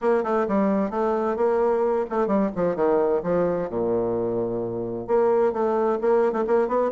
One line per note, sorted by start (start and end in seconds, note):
0.01 0.23 A#3
0.23 0.46 A3
0.47 0.90 G3
0.90 1.36 A3
1.36 2.05 A#3
2.10 2.27 A3
2.27 2.50 G3
2.55 2.75 F3
2.75 3.21 D#3
3.23 3.69 F3
3.69 5.07 A#2
5.07 5.52 A#3
5.52 5.98 A3
6.01 6.32 A#3
6.32 6.44 A3
6.47 6.68 A#3
6.68 6.91 B3